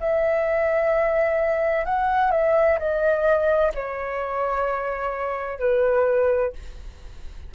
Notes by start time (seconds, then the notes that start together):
0.00 E5
1.85 F#5
2.31 E5
2.79 D#5
3.75 C#5
5.59 B4